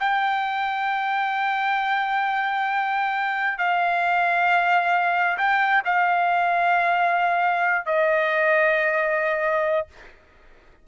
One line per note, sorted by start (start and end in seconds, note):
0.00 3.58 G5
3.58 5.37 F5
5.38 5.82 G5
5.85 7.86 F5
7.86 9.88 D#5